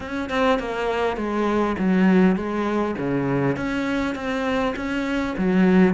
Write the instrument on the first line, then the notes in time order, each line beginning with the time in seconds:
cello
0.00 C#4
0.29 C4
0.59 A#3
1.16 G#3
1.78 F#3
2.35 G#3
2.97 C#3
3.56 C#4
4.15 C4
4.76 C#4
5.37 F#3